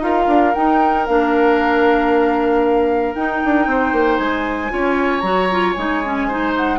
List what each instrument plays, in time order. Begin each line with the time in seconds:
0.00 bassoon D#4, clarinet F4, oboe A#4, flute F5
0.28 bassoon D4
0.55 clarinet D#4, bassoon D#4, flute G5
1.07 bassoon A#3, clarinet D4, flute F5
3.15 bassoon D#4, clarinet D#4, flute G5
3.45 bassoon D4
3.67 bassoon C4, oboe C5
3.93 bassoon A#3
4.18 bassoon G#3, flute G#5
4.70 bassoon C#4, clarinet F4, oboe C#5
5.21 bassoon F#3, clarinet F#4, flute A#5
5.51 clarinet F4
5.74 bassoon G#3, clarinet D#4, flute G#5
6.05 clarinet C#4
6.28 clarinet D#4, oboe C5
6.57 flute F#5